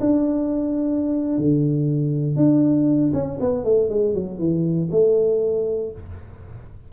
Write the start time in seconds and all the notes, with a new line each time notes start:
0.00 D4
1.38 D3
2.36 D4
3.13 C#4
3.40 B3
3.64 A3
3.89 G#3
4.14 F#3
4.38 E3
4.91 A3